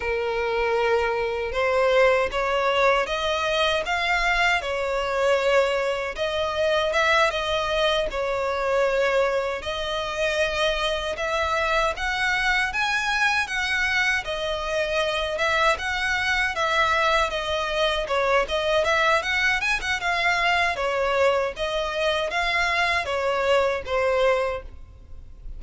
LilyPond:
\new Staff \with { instrumentName = "violin" } { \time 4/4 \tempo 4 = 78 ais'2 c''4 cis''4 | dis''4 f''4 cis''2 | dis''4 e''8 dis''4 cis''4.~ | cis''8 dis''2 e''4 fis''8~ |
fis''8 gis''4 fis''4 dis''4. | e''8 fis''4 e''4 dis''4 cis''8 | dis''8 e''8 fis''8 gis''16 fis''16 f''4 cis''4 | dis''4 f''4 cis''4 c''4 | }